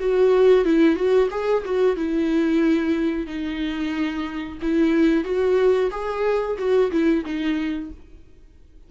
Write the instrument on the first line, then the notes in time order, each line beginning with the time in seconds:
viola
0.00 F#4
0.65 E4
0.96 F#4
1.31 G#4
1.65 F#4
1.96 E4
3.27 D#4
4.62 E4
5.24 F#4
5.91 G#4
6.58 F#4
6.91 E4
7.25 D#4